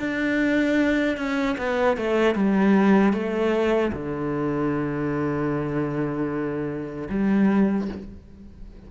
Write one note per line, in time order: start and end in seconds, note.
0.00 1.17 D4
1.17 1.56 C#4
1.58 1.97 B3
1.97 2.35 A3
2.35 3.13 G3
3.13 3.92 A3
3.93 7.09 D3
7.09 7.88 G3